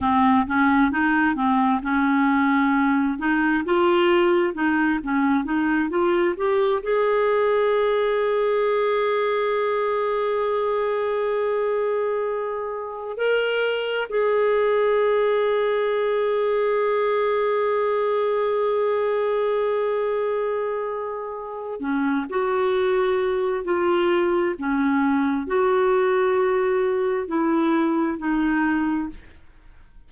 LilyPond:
\new Staff \with { instrumentName = "clarinet" } { \time 4/4 \tempo 4 = 66 c'8 cis'8 dis'8 c'8 cis'4. dis'8 | f'4 dis'8 cis'8 dis'8 f'8 g'8 gis'8~ | gis'1~ | gis'2~ gis'8 ais'4 gis'8~ |
gis'1~ | gis'1 | cis'8 fis'4. f'4 cis'4 | fis'2 e'4 dis'4 | }